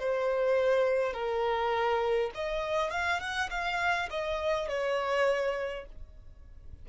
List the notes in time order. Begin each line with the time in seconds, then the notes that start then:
0.00 C5
1.13 A#4
2.35 D#5
2.91 F5
3.21 F#5
3.51 F5
4.11 D#5
4.69 C#5